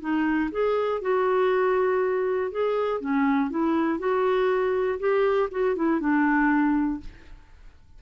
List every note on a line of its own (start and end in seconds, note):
0.00 0.50 D#4
0.51 1.01 G#4
1.01 2.51 F#4
2.51 3.00 G#4
3.00 3.50 C#4
3.50 3.99 E4
3.99 4.99 F#4
4.99 5.49 G4
5.51 5.75 F#4
5.75 6.00 E4
6.00 7.00 D4